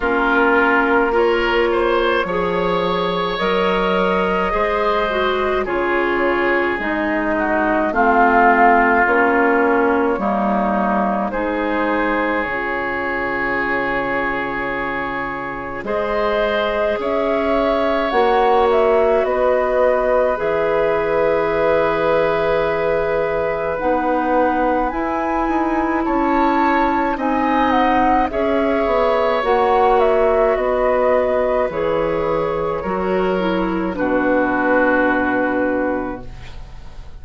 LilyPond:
<<
  \new Staff \with { instrumentName = "flute" } { \time 4/4 \tempo 4 = 53 ais'4 cis''2 dis''4~ | dis''4 cis''4 dis''4 f''4 | cis''2 c''4 cis''4~ | cis''2 dis''4 e''4 |
fis''8 e''8 dis''4 e''2~ | e''4 fis''4 gis''4 a''4 | gis''8 fis''8 e''4 fis''8 e''8 dis''4 | cis''2 b'2 | }
  \new Staff \with { instrumentName = "oboe" } { \time 4/4 f'4 ais'8 c''8 cis''2 | c''4 gis'4. fis'8 f'4~ | f'4 dis'4 gis'2~ | gis'2 c''4 cis''4~ |
cis''4 b'2.~ | b'2. cis''4 | dis''4 cis''2 b'4~ | b'4 ais'4 fis'2 | }
  \new Staff \with { instrumentName = "clarinet" } { \time 4/4 cis'4 f'4 gis'4 ais'4 | gis'8 fis'8 f'4 dis'4 c'4 | cis'4 ais4 dis'4 f'4~ | f'2 gis'2 |
fis'2 gis'2~ | gis'4 dis'4 e'2 | dis'4 gis'4 fis'2 | gis'4 fis'8 e'8 d'2 | }
  \new Staff \with { instrumentName = "bassoon" } { \time 4/4 ais2 f4 fis4 | gis4 cis4 gis4 a4 | ais4 g4 gis4 cis4~ | cis2 gis4 cis'4 |
ais4 b4 e2~ | e4 b4 e'8 dis'8 cis'4 | c'4 cis'8 b8 ais4 b4 | e4 fis4 b,2 | }
>>